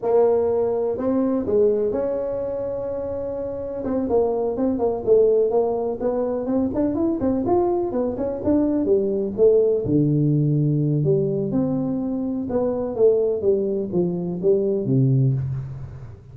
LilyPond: \new Staff \with { instrumentName = "tuba" } { \time 4/4 \tempo 4 = 125 ais2 c'4 gis4 | cis'1 | c'8 ais4 c'8 ais8 a4 ais8~ | ais8 b4 c'8 d'8 e'8 c'8 f'8~ |
f'8 b8 cis'8 d'4 g4 a8~ | a8 d2~ d8 g4 | c'2 b4 a4 | g4 f4 g4 c4 | }